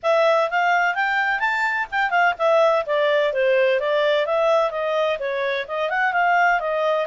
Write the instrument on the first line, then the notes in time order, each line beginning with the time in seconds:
clarinet
0.03 E5
0.50 F5
0.94 G5
1.39 A5
1.91 G5
2.10 F5
2.38 E5
2.86 D5
3.33 C5
3.79 D5
4.25 E5
4.70 D#5
5.19 C#5
5.67 D#5
5.89 F#5
6.12 F5
6.59 D#5